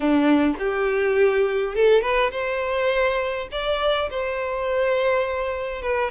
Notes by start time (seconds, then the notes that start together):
0.00 D4
0.58 G4
1.75 A4
2.01 B4
2.31 C5
3.51 D5
4.10 C5
5.82 B4